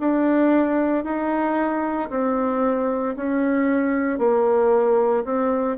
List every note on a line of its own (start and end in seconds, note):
0.00 1.04 D4
1.04 2.10 D#4
2.10 3.15 C4
3.16 4.19 C#4
4.19 5.24 A#3
5.24 5.77 C4